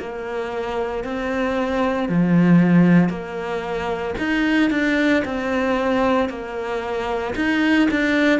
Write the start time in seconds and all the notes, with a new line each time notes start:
0.00 A#3
1.04 C4
2.09 F3
3.10 A#3
4.19 D#4
4.71 D4
5.25 C4
6.29 A#3
7.36 D#4
7.91 D4